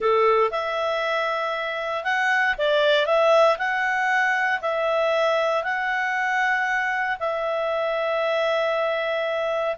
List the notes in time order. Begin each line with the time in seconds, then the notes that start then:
0.00 A4
0.50 E5
2.03 F#5
2.58 D5
3.05 E5
3.58 F#5
4.61 E5
5.63 F#5
7.19 E5